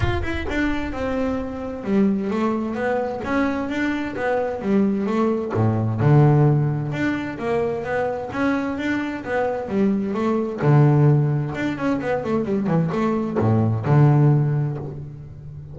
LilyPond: \new Staff \with { instrumentName = "double bass" } { \time 4/4 \tempo 4 = 130 f'8 e'8 d'4 c'2 | g4 a4 b4 cis'4 | d'4 b4 g4 a4 | a,4 d2 d'4 |
ais4 b4 cis'4 d'4 | b4 g4 a4 d4~ | d4 d'8 cis'8 b8 a8 g8 e8 | a4 a,4 d2 | }